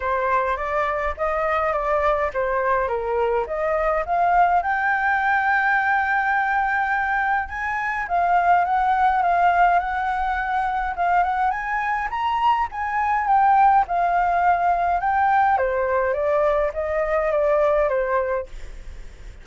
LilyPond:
\new Staff \with { instrumentName = "flute" } { \time 4/4 \tempo 4 = 104 c''4 d''4 dis''4 d''4 | c''4 ais'4 dis''4 f''4 | g''1~ | g''4 gis''4 f''4 fis''4 |
f''4 fis''2 f''8 fis''8 | gis''4 ais''4 gis''4 g''4 | f''2 g''4 c''4 | d''4 dis''4 d''4 c''4 | }